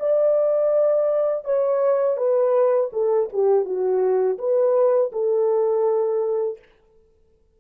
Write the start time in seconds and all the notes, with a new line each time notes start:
0.00 D5
1.45 C#5
2.17 B4
2.93 A4
3.33 G4
3.65 F#4
4.38 B4
5.12 A4